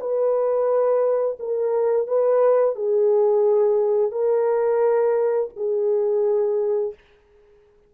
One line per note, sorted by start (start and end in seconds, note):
0.00 1.38 B4
1.39 2.08 A#4
2.08 2.76 B4
2.76 4.12 G#4
4.12 5.50 A#4
5.56 6.94 G#4